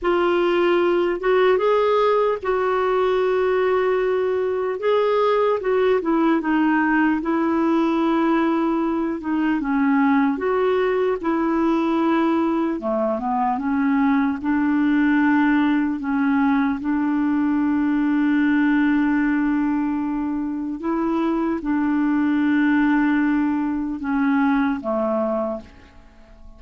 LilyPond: \new Staff \with { instrumentName = "clarinet" } { \time 4/4 \tempo 4 = 75 f'4. fis'8 gis'4 fis'4~ | fis'2 gis'4 fis'8 e'8 | dis'4 e'2~ e'8 dis'8 | cis'4 fis'4 e'2 |
a8 b8 cis'4 d'2 | cis'4 d'2.~ | d'2 e'4 d'4~ | d'2 cis'4 a4 | }